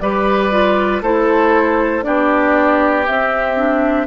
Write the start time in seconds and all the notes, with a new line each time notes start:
0.00 G3 G4 B4 D5
0.51 F4
1.01 A3 E4 A4 C5
2.02 B3 D4 G4 D5
3.06 C4 E5
3.56 D4